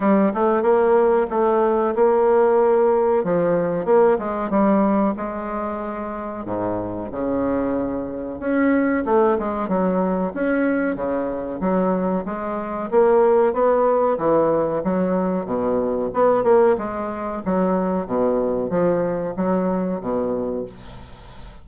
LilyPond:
\new Staff \with { instrumentName = "bassoon" } { \time 4/4 \tempo 4 = 93 g8 a8 ais4 a4 ais4~ | ais4 f4 ais8 gis8 g4 | gis2 gis,4 cis4~ | cis4 cis'4 a8 gis8 fis4 |
cis'4 cis4 fis4 gis4 | ais4 b4 e4 fis4 | b,4 b8 ais8 gis4 fis4 | b,4 f4 fis4 b,4 | }